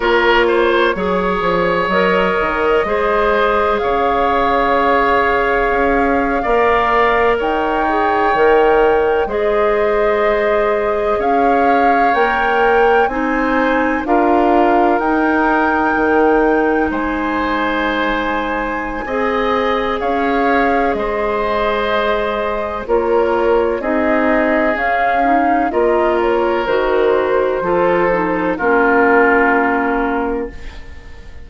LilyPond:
<<
  \new Staff \with { instrumentName = "flute" } { \time 4/4 \tempo 4 = 63 cis''2 dis''2 | f''2.~ f''8. g''16~ | g''4.~ g''16 dis''2 f''16~ | f''8. g''4 gis''4 f''4 g''16~ |
g''4.~ g''16 gis''2~ gis''16~ | gis''4 f''4 dis''2 | cis''4 dis''4 f''4 dis''8 cis''8 | c''2 ais'2 | }
  \new Staff \with { instrumentName = "oboe" } { \time 4/4 ais'8 c''8 cis''2 c''4 | cis''2~ cis''8. d''4 cis''16~ | cis''4.~ cis''16 c''2 cis''16~ | cis''4.~ cis''16 c''4 ais'4~ ais'16~ |
ais'4.~ ais'16 c''2~ c''16 | dis''4 cis''4 c''2 | ais'4 gis'2 ais'4~ | ais'4 a'4 f'2 | }
  \new Staff \with { instrumentName = "clarinet" } { \time 4/4 f'4 gis'4 ais'4 gis'4~ | gis'2~ gis'8. ais'4~ ais'16~ | ais'16 gis'8 ais'4 gis'2~ gis'16~ | gis'8. ais'4 dis'4 f'4 dis'16~ |
dis'1 | gis'1 | f'4 dis'4 cis'8 dis'8 f'4 | fis'4 f'8 dis'8 cis'2 | }
  \new Staff \with { instrumentName = "bassoon" } { \time 4/4 ais4 fis8 f8 fis8 dis8 gis4 | cis2 cis'8. ais4 dis'16~ | dis'8. dis4 gis2 cis'16~ | cis'8. ais4 c'4 d'4 dis'16~ |
dis'8. dis4 gis2~ gis16 | c'4 cis'4 gis2 | ais4 c'4 cis'4 ais4 | dis4 f4 ais2 | }
>>